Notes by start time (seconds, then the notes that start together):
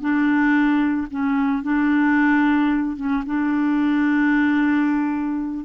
0.00 D4
1.10 C#4
1.62 D4
2.96 C#4
3.26 D4